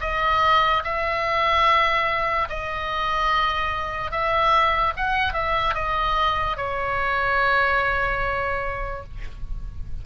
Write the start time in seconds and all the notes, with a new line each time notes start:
0.00 D#5
0.84 E5
2.49 D#5
4.11 E5
4.96 F#5
5.33 E5
5.74 D#5
6.56 C#5